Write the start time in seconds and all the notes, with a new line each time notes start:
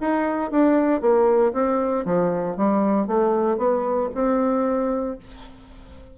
0.00 D#4
0.51 D4
1.01 A#3
1.53 C4
2.05 F3
2.57 G3
3.07 A3
3.57 B3
4.14 C4